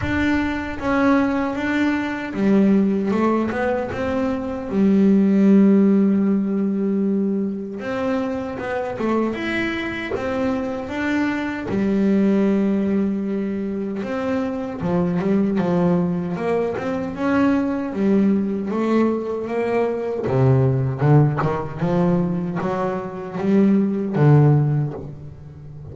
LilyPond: \new Staff \with { instrumentName = "double bass" } { \time 4/4 \tempo 4 = 77 d'4 cis'4 d'4 g4 | a8 b8 c'4 g2~ | g2 c'4 b8 a8 | e'4 c'4 d'4 g4~ |
g2 c'4 f8 g8 | f4 ais8 c'8 cis'4 g4 | a4 ais4 c4 d8 dis8 | f4 fis4 g4 d4 | }